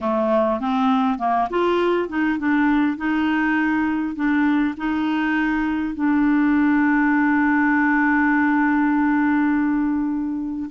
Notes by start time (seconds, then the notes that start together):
0.00 A3
0.60 C4
1.18 A#3
1.50 F4
2.08 D#4
2.38 D4
2.97 D#4
4.15 D4
4.77 D#4
5.94 D4